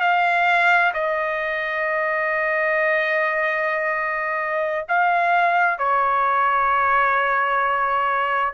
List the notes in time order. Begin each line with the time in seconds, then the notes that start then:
0.00 F5
0.94 D#5
4.88 F5
5.78 C#5